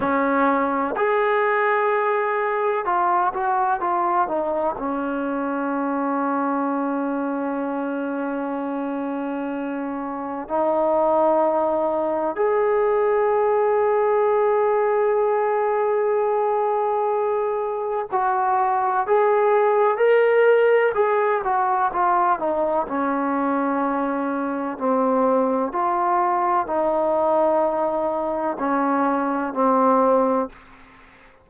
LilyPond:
\new Staff \with { instrumentName = "trombone" } { \time 4/4 \tempo 4 = 63 cis'4 gis'2 f'8 fis'8 | f'8 dis'8 cis'2.~ | cis'2. dis'4~ | dis'4 gis'2.~ |
gis'2. fis'4 | gis'4 ais'4 gis'8 fis'8 f'8 dis'8 | cis'2 c'4 f'4 | dis'2 cis'4 c'4 | }